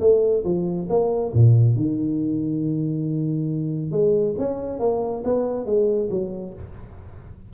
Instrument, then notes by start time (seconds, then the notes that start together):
tuba
0.00 A3
0.44 F3
0.89 A#3
1.33 A#2
1.75 D#3
3.91 G#3
4.38 C#4
4.79 A#3
5.24 B3
5.65 G#3
6.10 F#3